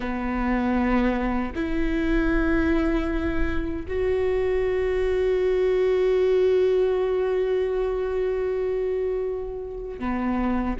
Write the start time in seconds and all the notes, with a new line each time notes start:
0.00 B3
1.55 E4
3.88 F#4
9.99 B3